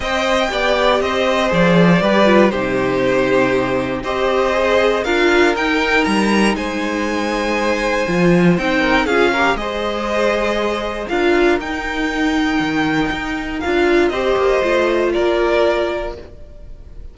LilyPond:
<<
  \new Staff \with { instrumentName = "violin" } { \time 4/4 \tempo 4 = 119 g''2 dis''4 d''4~ | d''4 c''2. | dis''2 f''4 g''4 | ais''4 gis''2.~ |
gis''4 g''4 f''4 dis''4~ | dis''2 f''4 g''4~ | g''2. f''4 | dis''2 d''2 | }
  \new Staff \with { instrumentName = "violin" } { \time 4/4 dis''4 d''4 c''2 | b'4 g'2. | c''2 ais'2~ | ais'4 c''2.~ |
c''4. ais'8 gis'8 ais'8 c''4~ | c''2 ais'2~ | ais'1 | c''2 ais'2 | }
  \new Staff \with { instrumentName = "viola" } { \time 4/4 c''4 g'2 gis'4 | g'8 f'8 dis'2. | g'4 gis'4 f'4 dis'4~ | dis'1 |
f'4 dis'4 f'8 g'8 gis'4~ | gis'2 f'4 dis'4~ | dis'2. f'4 | g'4 f'2. | }
  \new Staff \with { instrumentName = "cello" } { \time 4/4 c'4 b4 c'4 f4 | g4 c2. | c'2 d'4 dis'4 | g4 gis2. |
f4 c'4 cis'4 gis4~ | gis2 d'4 dis'4~ | dis'4 dis4 dis'4 d'4 | c'8 ais8 a4 ais2 | }
>>